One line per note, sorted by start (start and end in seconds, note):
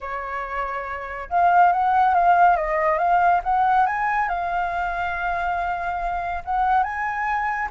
0.00 1.29 C#5
1.29 1.72 F5
1.72 2.14 F#5
2.14 2.56 F5
2.56 2.98 D#5
2.98 3.41 F5
3.43 3.86 F#5
3.86 4.28 G#5
4.28 6.43 F5
6.44 6.83 F#5
6.83 7.69 G#5